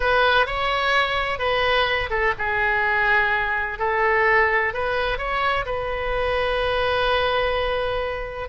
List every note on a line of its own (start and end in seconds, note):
0.00 0.46 B4
0.46 1.38 C#5
1.38 2.09 B4
2.10 2.33 A4
2.38 3.79 G#4
3.79 4.73 A4
4.73 5.18 B4
5.18 5.65 C#5
5.65 8.48 B4